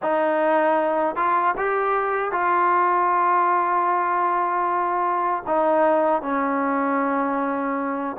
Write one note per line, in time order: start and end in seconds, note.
0.02 1.15 D#4
1.15 1.54 F4
1.57 2.31 G4
2.31 5.43 F4
5.47 6.22 D#4
6.22 8.16 C#4